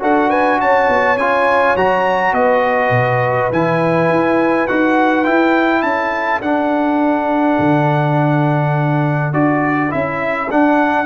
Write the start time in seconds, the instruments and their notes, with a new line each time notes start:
0.00 tuba D4, trombone F#4, horn A4, trumpet F#5
0.29 horn B4, trumpet G#5
0.59 tuba C#4, horn C#5, trumpet A5
0.88 tuba B3
1.16 tuba C#4, trombone F4, trumpet G#5
1.76 tuba F#3, trombone F#4, trumpet A#5
2.33 tuba B3, horn B4, trumpet D#5
2.90 tuba B2
3.52 tuba E3, trombone E4, trumpet G#5
4.10 tuba E4
4.67 tuba D#4, trombone F#4, trumpet F#5
5.25 trombone E4, tuba E4, trumpet G5
5.82 tuba C#4, horn A4, trumpet A5
6.41 tuba D4, trombone D4, trumpet F#5
7.59 tuba D3
9.33 tuba D4, trombone F#4, trumpet D5
9.90 tuba C#4, trombone E4, trumpet E5
10.51 trombone D4, tuba D4, trumpet F#5